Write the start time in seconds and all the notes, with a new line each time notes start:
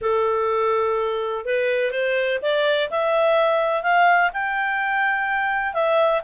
0.01 A4
1.45 B4
1.91 C5
2.42 D5
2.90 E5
3.82 F5
4.33 G5
5.73 E5